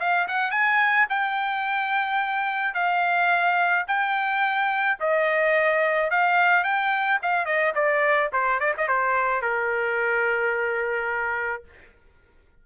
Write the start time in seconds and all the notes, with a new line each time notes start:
0.00 F5
0.28 F#5
0.52 G#5
1.10 G5
2.74 F5
3.88 G5
5.00 D#5
6.11 F5
6.64 G5
7.22 F5
7.46 D#5
7.75 D5
8.33 C5
8.60 D5
8.78 D#5
8.88 C5
9.42 A#4